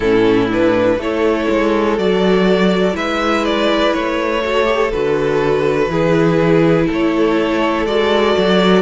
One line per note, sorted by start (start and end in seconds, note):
0.00 0.96 A2
0.00 0.50 C#4
0.00 0.98 E4
0.00 0.48 A4
0.50 0.99 D4
0.50 1.01 B4
0.98 1.47 A3
0.98 1.97 E4
0.98 2.95 A4
0.98 1.98 C#5
1.49 1.98 G#3
1.97 2.94 F#3
1.97 2.92 F#4
1.97 2.95 D5
2.92 3.92 G#3
2.92 4.40 E4
2.92 4.43 B4
2.92 3.44 E5
3.44 3.93 D5
3.93 4.92 A3
3.93 4.91 C#5
4.42 4.64 F#4
4.42 5.91 A4
4.64 4.89 G4
4.91 5.88 D3
4.91 5.90 F#4
4.91 6.88 B4
5.88 6.86 E3
5.88 7.87 E4
5.88 6.86 G#4
6.86 7.85 A3
6.86 8.82 A4
6.86 7.86 C#5
7.85 8.35 G#3
7.85 8.82 F#4
7.85 8.82 D5
8.37 8.82 F#3